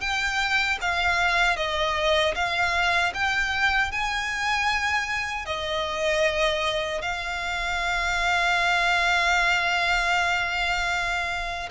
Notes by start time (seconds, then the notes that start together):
0.00 G5
0.81 F5
1.56 D#5
2.34 F5
3.14 G5
3.91 G#5
5.45 D#5
7.01 F5